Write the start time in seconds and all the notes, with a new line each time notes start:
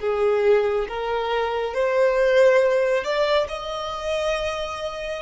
0.00 G#4
0.88 A#4
1.74 C5
3.04 D5
3.48 D#5